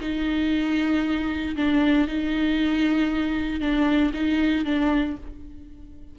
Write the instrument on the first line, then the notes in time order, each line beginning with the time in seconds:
viola
0.00 D#4
1.56 D4
2.07 D#4
3.60 D4
4.14 D#4
4.64 D4